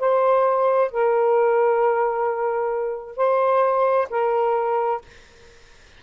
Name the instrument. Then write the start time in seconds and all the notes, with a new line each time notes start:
saxophone
0.00 C5
0.92 A#4
3.17 C5
4.11 A#4